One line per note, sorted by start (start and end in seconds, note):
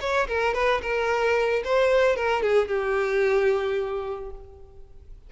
0.00 0.27 C#5
0.27 0.54 A#4
0.54 0.81 B4
0.81 1.62 A#4
1.64 2.15 C5
2.15 2.42 A#4
2.42 2.68 G#4
2.68 4.30 G4